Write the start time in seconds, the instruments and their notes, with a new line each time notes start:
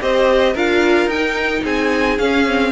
0.00 cello C4, viola G4, violin C5 D#5
0.53 cello D4, viola F4, violin A#4 F5
1.06 cello D#4, violin G5
1.13 viola D#4
1.63 cello C4, violin G#4 G#5
2.18 viola C#4, cello C#4, violin F5
2.46 viola C4